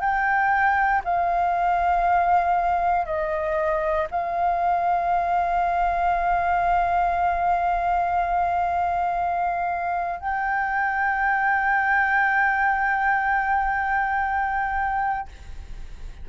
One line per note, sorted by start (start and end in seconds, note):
0.00 1.02 G5
1.04 3.05 F5
3.05 4.07 D#5
4.10 10.20 F5
10.20 15.28 G5